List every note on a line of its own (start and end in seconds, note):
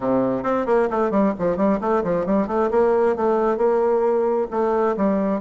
0.00 0.43 C3
0.43 0.65 C4
0.66 0.88 A#3
0.90 1.11 A3
1.11 1.33 G3
1.38 1.56 F3
1.56 1.79 G3
1.80 2.03 A3
2.03 2.26 F3
2.26 2.47 G3
2.47 2.69 A3
2.70 3.15 A#3
3.15 3.57 A3
3.57 4.47 A#3
4.51 4.96 A3
4.96 5.41 G3